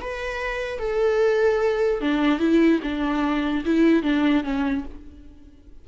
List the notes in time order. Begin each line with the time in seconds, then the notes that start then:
0.00 B4
0.78 A4
2.00 D4
2.39 E4
2.82 D4
3.65 E4
4.02 D4
4.43 C#4